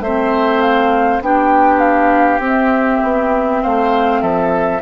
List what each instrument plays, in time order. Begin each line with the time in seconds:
0.00 bassoon A3, clarinet C4, oboe C5, flute E5
0.60 flute F5
1.21 bassoon B3, clarinet D4, oboe G4, flute G5
1.79 flute F5
2.39 bassoon C4, clarinet C4
2.46 flute E5
3.02 bassoon B3
3.62 bassoon A3, oboe C5, flute F5
4.21 bassoon F3, oboe A4, flute E5